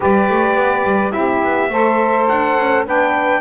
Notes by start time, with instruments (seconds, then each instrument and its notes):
0.00 double bass G3, saxophone G4 B4, trumpet D5
0.29 double bass A3
0.54 double bass B3
0.83 double bass G3
1.10 double bass C4, saxophone E4 G4, trumpet E5
1.43 double bass B3
1.70 double bass A3, saxophone A4 C5
2.28 double bass D4, trumpet F#5
2.58 double bass C#4
2.85 double bass B3, saxophone D4 B4, trumpet G5